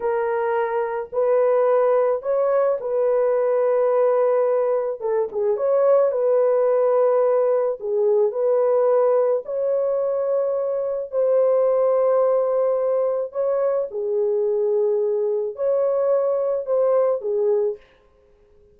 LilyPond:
\new Staff \with { instrumentName = "horn" } { \time 4/4 \tempo 4 = 108 ais'2 b'2 | cis''4 b'2.~ | b'4 a'8 gis'8 cis''4 b'4~ | b'2 gis'4 b'4~ |
b'4 cis''2. | c''1 | cis''4 gis'2. | cis''2 c''4 gis'4 | }